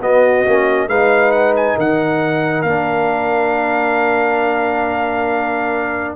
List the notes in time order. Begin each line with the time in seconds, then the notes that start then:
0.00 B3 F#4 D#5
0.46 A#3 C#4
0.87 G#3 D#4 B4 F5
1.31 F#5
1.56 G#5
1.76 D#3 A#4 F#5
2.62 A#3 D4 F5